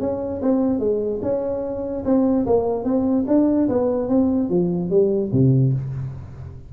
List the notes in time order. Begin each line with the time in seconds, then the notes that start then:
0.00 C#4
0.42 C4
0.79 G#3
1.22 C#4
2.05 C4
2.46 A#3
2.84 C4
3.27 D4
3.68 B3
4.08 C4
4.49 F3
4.90 G3
5.32 C3